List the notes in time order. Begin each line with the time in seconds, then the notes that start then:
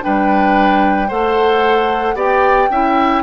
0.00 G3 D4 B4 G5
1.08 A3 A4 C5 F#5
2.15 B3 G4 D5 G5
2.70 C#4 E4 E5